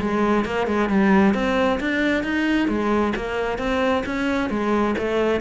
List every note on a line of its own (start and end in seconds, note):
0.00 0.45 G#3
0.45 0.67 A#3
0.67 0.89 G#3
0.89 1.34 G3
1.34 1.79 C4
1.80 2.24 D4
2.24 2.68 D#4
2.68 3.13 G#3
3.16 3.58 A#3
3.58 4.03 C4
4.06 4.50 C#4
4.50 4.95 G#3
4.98 5.40 A3